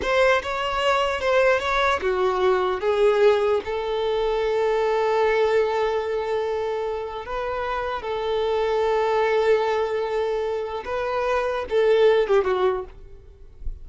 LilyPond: \new Staff \with { instrumentName = "violin" } { \time 4/4 \tempo 4 = 149 c''4 cis''2 c''4 | cis''4 fis'2 gis'4~ | gis'4 a'2.~ | a'1~ |
a'2 b'2 | a'1~ | a'2. b'4~ | b'4 a'4. g'8 fis'4 | }